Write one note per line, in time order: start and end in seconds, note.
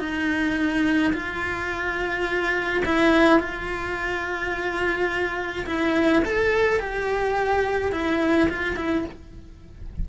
0.00 1.13 D#4
1.14 2.84 F4
2.86 3.40 E4
3.40 5.67 F4
5.67 6.23 E4
6.25 6.80 A4
6.80 7.92 G4
7.92 8.49 E4
8.50 8.77 F4
8.77 9.05 E4